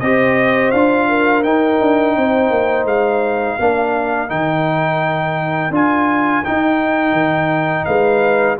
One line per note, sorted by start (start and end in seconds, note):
0.00 0.72 C4
0.00 0.74 G4
0.00 1.08 C5
0.00 0.71 D#5
0.71 1.44 D4
0.71 1.45 F4
0.71 1.43 F5
1.08 2.16 A#4
1.44 1.80 D#4
1.44 3.59 D#4
1.44 2.86 G5
1.81 2.17 D4
2.17 2.50 C4
2.17 3.59 C5
2.50 2.85 A#3
2.85 3.56 G#3
2.85 4.30 F5
3.59 4.31 A#3
3.59 4.28 D4
3.59 7.86 A#4
4.28 5.70 D#3
4.28 5.71 D#4
4.28 5.73 G5
5.70 6.42 D4
5.70 6.43 F4
5.70 6.45 G#5
6.44 8.58 D#4
6.44 7.12 D#4
6.44 7.85 G5
7.12 7.84 D#3
7.85 8.59 G#3
7.85 8.57 B4
7.85 8.57 F5